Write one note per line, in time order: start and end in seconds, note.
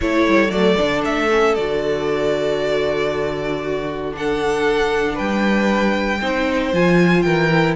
0.01 0.27 A3
0.01 0.50 E4
0.01 3.62 A4
0.01 0.50 C#5
0.27 0.49 G3
0.49 0.75 F#3
0.49 0.76 A3
0.49 1.02 D5
0.77 1.04 D3
0.77 1.29 D4
1.04 1.56 A3
1.04 1.54 E5
1.30 1.56 C#4
1.54 5.19 D3
1.54 4.11 F#4
1.54 4.13 D5
3.62 4.13 F#4
4.11 6.18 D4
4.11 5.18 F#5
4.17 5.14 A4
5.14 6.21 G3
5.14 6.18 B4
5.14 6.73 G5
6.20 6.72 C4
6.20 6.72 D#4
6.20 7.24 C5
6.72 7.24 F3
6.72 7.50 F4
6.72 7.21 G#5
7.21 7.76 E3
7.21 7.76 A#4
7.21 7.73 G5
7.52 7.76 E4